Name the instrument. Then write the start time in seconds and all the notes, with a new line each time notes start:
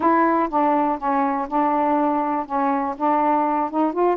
saxophone
0.00 E4
0.49 D4
0.98 C#4
1.48 D4
2.46 C#4
2.97 D4
3.70 D#4
3.92 F4